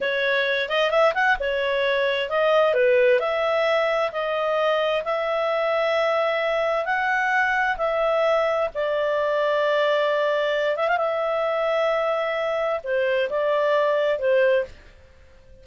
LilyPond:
\new Staff \with { instrumentName = "clarinet" } { \time 4/4 \tempo 4 = 131 cis''4. dis''8 e''8 fis''8 cis''4~ | cis''4 dis''4 b'4 e''4~ | e''4 dis''2 e''4~ | e''2. fis''4~ |
fis''4 e''2 d''4~ | d''2.~ d''8 e''16 f''16 | e''1 | c''4 d''2 c''4 | }